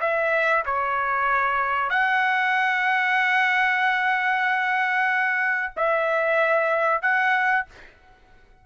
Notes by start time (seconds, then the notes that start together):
0.00 E5
0.65 C#5
1.90 F#5
5.76 E5
7.02 F#5